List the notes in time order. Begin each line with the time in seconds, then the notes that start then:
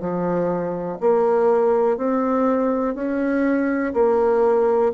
0.00 F3
1.00 A#3
1.97 C4
2.95 C#4
3.93 A#3